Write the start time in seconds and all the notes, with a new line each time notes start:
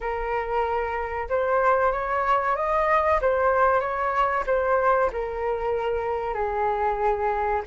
0.00 A#4
1.29 C5
1.92 C#5
2.56 D#5
3.21 C5
3.80 C#5
4.46 C5
5.12 A#4
6.34 G#4